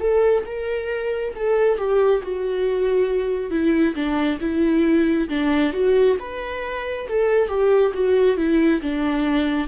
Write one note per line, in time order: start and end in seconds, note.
0.00 0.44 A4
0.46 1.34 A#4
1.36 1.78 A4
1.78 2.22 G4
2.23 3.51 F#4
3.51 3.95 E4
3.95 4.39 D4
4.40 5.29 E4
5.29 5.73 D4
5.73 6.17 F#4
6.20 7.08 B4
7.08 7.48 A4
7.48 7.92 G4
7.94 8.37 F#4
8.37 8.81 E4
8.82 9.67 D4